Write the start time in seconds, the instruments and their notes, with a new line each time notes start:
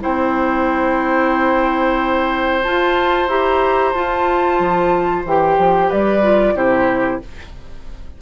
0.00 bassoon C4, clarinet E4, oboe C5, flute G5
2.63 clarinet F4, bassoon F4, flute A5
3.28 bassoon E4, clarinet G4, flute A#5
3.93 bassoon F4, clarinet F4, flute A5
4.59 bassoon F3
5.24 bassoon E3, clarinet G4, flute G5
5.58 bassoon F3
5.88 bassoon G3, oboe B4, flute D5
6.22 clarinet F4
6.54 bassoon C3, clarinet E4, oboe G4, flute C5